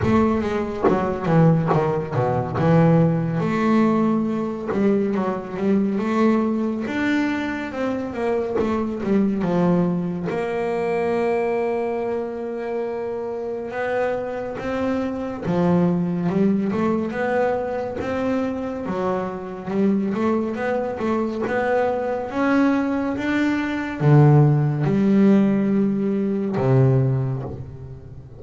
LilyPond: \new Staff \with { instrumentName = "double bass" } { \time 4/4 \tempo 4 = 70 a8 gis8 fis8 e8 dis8 b,8 e4 | a4. g8 fis8 g8 a4 | d'4 c'8 ais8 a8 g8 f4 | ais1 |
b4 c'4 f4 g8 a8 | b4 c'4 fis4 g8 a8 | b8 a8 b4 cis'4 d'4 | d4 g2 c4 | }